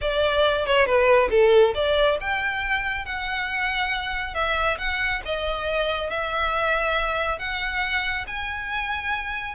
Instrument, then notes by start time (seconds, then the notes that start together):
violin
0.01 D5
0.66 C#5
0.85 B4
1.30 A4
1.74 D5
2.20 G5
3.05 F#5
4.34 E5
4.78 F#5
5.25 D#5
6.09 E5
7.38 F#5
8.27 G#5